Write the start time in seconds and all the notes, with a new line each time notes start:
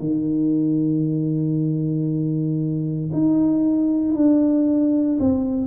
0.00 D#3
3.13 D#4
4.15 D4
5.20 C4